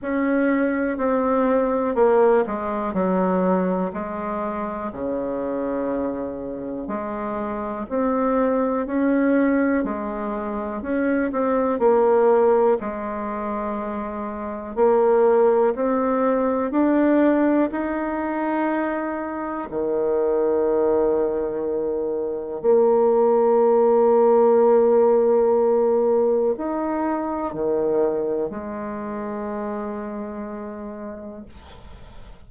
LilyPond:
\new Staff \with { instrumentName = "bassoon" } { \time 4/4 \tempo 4 = 61 cis'4 c'4 ais8 gis8 fis4 | gis4 cis2 gis4 | c'4 cis'4 gis4 cis'8 c'8 | ais4 gis2 ais4 |
c'4 d'4 dis'2 | dis2. ais4~ | ais2. dis'4 | dis4 gis2. | }